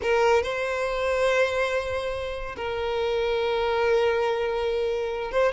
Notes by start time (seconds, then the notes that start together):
0.02 A#4
0.43 C5
2.56 A#4
5.31 C5